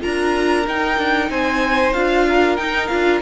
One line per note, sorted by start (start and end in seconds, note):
0.00 0.67 D4
0.00 0.64 F4
0.00 1.29 A#4
0.00 0.66 A#5
0.67 0.97 D#4
0.67 1.94 D#4
0.67 1.30 G5
0.97 1.29 D4
1.29 1.93 C4
1.29 2.26 C5
1.29 1.93 G#5
1.93 2.57 D4
1.93 2.58 F4
1.93 2.56 F5
2.28 3.21 A#4
2.56 2.89 D#4
2.56 2.87 G5
2.87 3.21 D4
2.87 3.21 F4
2.87 3.18 F5